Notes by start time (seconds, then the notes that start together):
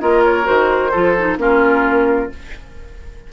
0.00 A#3 F4 A#4 D#5
0.24 C#5
0.43 D#3 F#4 C5
0.91 F3 F4 A4
1.18 D#4
1.37 A#3 C#4 F4 A#4